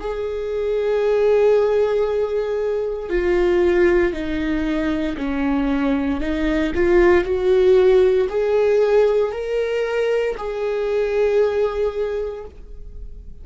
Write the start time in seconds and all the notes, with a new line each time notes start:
0.00 G#4
3.10 F4
4.13 D#4
5.17 C#4
6.21 D#4
6.75 F4
7.24 F#4
8.29 G#4
9.32 A#4
10.37 G#4